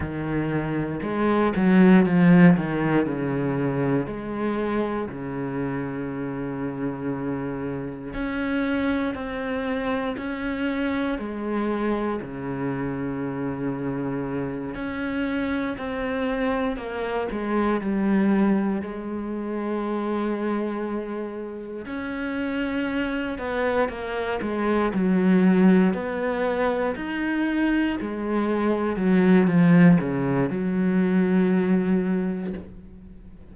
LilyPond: \new Staff \with { instrumentName = "cello" } { \time 4/4 \tempo 4 = 59 dis4 gis8 fis8 f8 dis8 cis4 | gis4 cis2. | cis'4 c'4 cis'4 gis4 | cis2~ cis8 cis'4 c'8~ |
c'8 ais8 gis8 g4 gis4.~ | gis4. cis'4. b8 ais8 | gis8 fis4 b4 dis'4 gis8~ | gis8 fis8 f8 cis8 fis2 | }